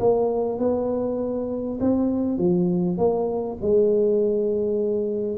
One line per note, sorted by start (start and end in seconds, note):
0.00 0.59 A#3
0.59 1.79 B3
1.81 2.38 C4
2.38 2.98 F3
2.98 3.58 A#3
3.62 5.38 G#3